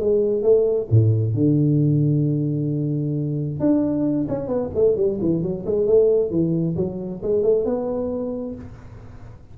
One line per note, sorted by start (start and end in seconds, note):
0.00 0.43 G#3
0.43 0.88 A3
0.91 1.34 A2
1.34 3.60 D3
3.60 4.28 D4
4.29 4.48 C#4
4.48 4.70 B3
4.75 4.96 A3
4.96 5.19 G3
5.21 5.43 E3
5.43 5.65 F#3
5.66 5.87 G#3
5.87 6.31 A3
6.31 6.76 E3
6.76 7.22 F#3
7.23 7.43 G#3
7.43 7.65 A3
7.65 8.55 B3